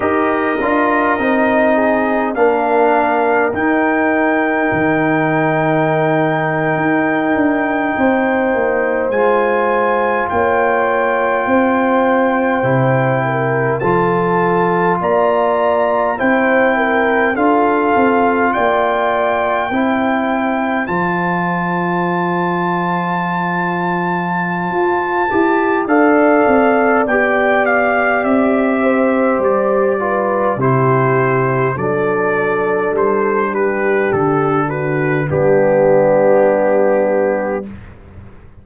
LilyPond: <<
  \new Staff \with { instrumentName = "trumpet" } { \time 4/4 \tempo 4 = 51 dis''2 f''4 g''4~ | g''2.~ g''8. gis''16~ | gis''8. g''2. a''16~ | a''8. ais''4 g''4 f''4 g''16~ |
g''4.~ g''16 a''2~ a''16~ | a''2 f''4 g''8 f''8 | e''4 d''4 c''4 d''4 | c''8 b'8 a'8 b'8 g'2 | }
  \new Staff \with { instrumentName = "horn" } { \time 4/4 ais'4. gis'8 ais'2~ | ais'2~ ais'8. c''4~ c''16~ | c''8. cis''4 c''4. ais'8 a'16~ | a'8. d''4 c''8 ais'8 a'4 d''16~ |
d''8. c''2.~ c''16~ | c''2 d''2~ | d''8 c''4 b'8 g'4 a'4~ | a'8 g'4 fis'8 d'2 | }
  \new Staff \with { instrumentName = "trombone" } { \time 4/4 g'8 f'8 dis'4 d'4 dis'4~ | dis'2.~ dis'8. f'16~ | f'2~ f'8. e'4 f'16~ | f'4.~ f'16 e'4 f'4~ f'16~ |
f'8. e'4 f'2~ f'16~ | f'4. g'8 a'4 g'4~ | g'4. f'8 e'4 d'4~ | d'2 b2 | }
  \new Staff \with { instrumentName = "tuba" } { \time 4/4 dis'8 d'8 c'4 ais4 dis'4 | dis4.~ dis16 dis'8 d'8 c'8 ais8 gis16~ | gis8. ais4 c'4 c4 f16~ | f8. ais4 c'4 d'8 c'8 ais16~ |
ais8. c'4 f2~ f16~ | f4 f'8 e'8 d'8 c'8 b4 | c'4 g4 c4 fis4 | g4 d4 g2 | }
>>